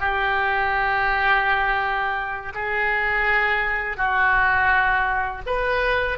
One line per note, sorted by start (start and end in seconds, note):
0.00 2.53 G4
2.54 3.97 G#4
3.97 5.42 F#4
5.46 6.18 B4